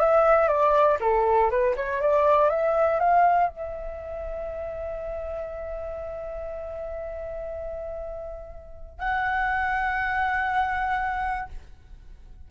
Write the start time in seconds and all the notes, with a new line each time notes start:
0.00 E5
0.49 D5
1.01 A4
1.51 B4
1.77 C#5
2.02 D5
2.50 E5
3.00 F5
3.50 E5
8.99 F#5